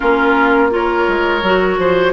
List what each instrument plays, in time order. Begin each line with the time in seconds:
0.00 bassoon A#3, clarinet C#4, oboe F4, flute A#4
0.70 clarinet F4, oboe A#4, flute C#5
1.08 bassoon G#3
1.42 bassoon F#3, clarinet F#4
1.78 bassoon F3, oboe C5